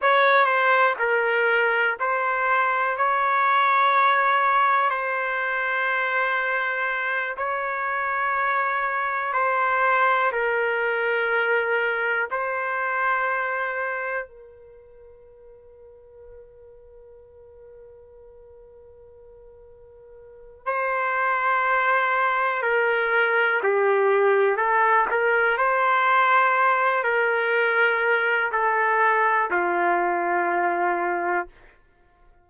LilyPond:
\new Staff \with { instrumentName = "trumpet" } { \time 4/4 \tempo 4 = 61 cis''8 c''8 ais'4 c''4 cis''4~ | cis''4 c''2~ c''8 cis''8~ | cis''4. c''4 ais'4.~ | ais'8 c''2 ais'4.~ |
ais'1~ | ais'4 c''2 ais'4 | g'4 a'8 ais'8 c''4. ais'8~ | ais'4 a'4 f'2 | }